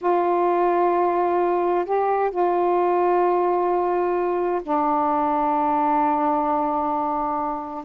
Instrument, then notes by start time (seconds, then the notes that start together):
saxophone
0.01 F4
1.85 G4
2.30 F4
4.62 D4